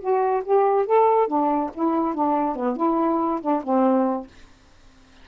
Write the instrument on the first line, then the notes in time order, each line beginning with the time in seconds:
saxophone
0.00 F#4
0.44 G4
0.86 A4
1.28 D4
1.74 E4
2.14 D4
2.56 B3
2.76 E4
3.41 D4
3.63 C4